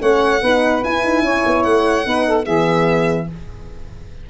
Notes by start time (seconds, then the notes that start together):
0.00 A3 C#4 C#5 F#5
0.42 B3 D#4 B4
0.83 E4 G#5
1.05 D#4
1.22 C#4 C#5
1.46 B3
1.63 A3 F#5
2.05 B3 D#4 B4
2.27 A4
2.45 E3 B3 G#4 E5